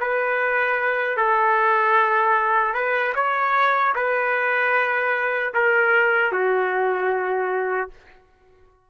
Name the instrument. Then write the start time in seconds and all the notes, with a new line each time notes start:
trumpet
0.00 B4
1.17 A4
2.74 B4
3.15 C#5
3.95 B4
5.54 A#4
6.32 F#4